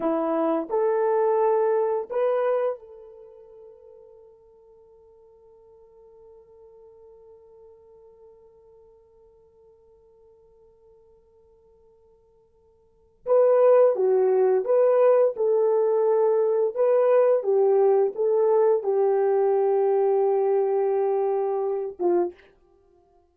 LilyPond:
\new Staff \with { instrumentName = "horn" } { \time 4/4 \tempo 4 = 86 e'4 a'2 b'4 | a'1~ | a'1~ | a'1~ |
a'2. b'4 | fis'4 b'4 a'2 | b'4 g'4 a'4 g'4~ | g'2.~ g'8 f'8 | }